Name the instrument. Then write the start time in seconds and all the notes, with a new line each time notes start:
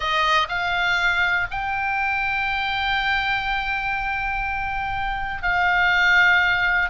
oboe
0.00 D#5
0.48 F5
1.50 G5
5.42 F5